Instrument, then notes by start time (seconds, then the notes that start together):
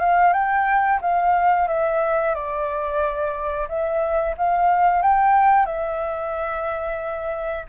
flute
0.00 F5
0.33 G5
1.02 F5
1.68 E5
2.35 D5
3.69 E5
4.38 F5
5.02 G5
5.66 E5